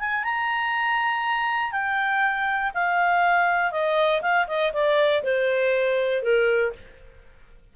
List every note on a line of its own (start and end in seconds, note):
0.00 0.24 G#5
0.24 1.72 A#5
1.72 2.72 G5
2.74 3.71 F5
3.71 4.21 D#5
4.22 4.47 F5
4.47 4.72 D#5
4.73 5.23 D5
5.24 6.23 C5
6.23 6.73 A#4